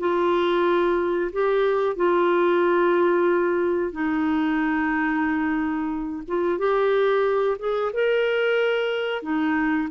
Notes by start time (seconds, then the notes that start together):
0.00 F4
1.33 G4
1.97 F4
3.92 D#4
6.28 F4
6.59 G4
7.59 G#4
7.94 A#4
9.23 D#4